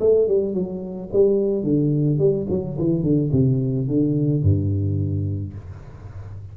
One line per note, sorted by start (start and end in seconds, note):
0.00 0.28 A3
0.28 0.54 G3
0.54 1.10 F#3
1.13 1.63 G3
1.63 2.19 D3
2.19 2.46 G3
2.50 2.78 F#3
2.79 3.03 E3
3.03 3.30 D3
3.32 3.87 C3
3.87 4.42 D3
4.42 5.54 G2